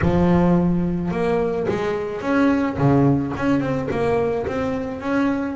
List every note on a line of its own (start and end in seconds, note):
0.01 1.11 F3
1.11 1.66 A#3
1.68 2.21 G#3
2.21 2.77 C#4
2.78 3.33 C#3
3.36 3.60 C#4
3.60 3.88 C4
3.90 4.46 A#3
4.46 5.00 C4
5.00 5.56 C#4